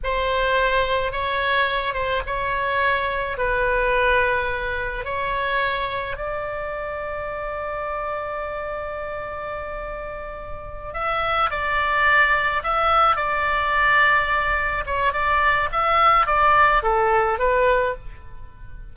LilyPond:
\new Staff \with { instrumentName = "oboe" } { \time 4/4 \tempo 4 = 107 c''2 cis''4. c''8 | cis''2 b'2~ | b'4 cis''2 d''4~ | d''1~ |
d''2.~ d''8 e''8~ | e''8 d''2 e''4 d''8~ | d''2~ d''8 cis''8 d''4 | e''4 d''4 a'4 b'4 | }